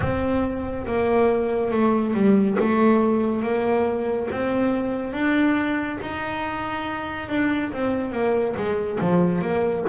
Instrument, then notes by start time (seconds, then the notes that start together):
double bass
0.00 C4
0.86 A#3
1.71 A3
2.14 G3
2.59 A3
3.42 A#3
4.31 C4
5.12 D4
6.01 D#4
7.29 D4
7.72 C4
8.12 A#3
8.56 G#3
9.00 F3
9.41 A#3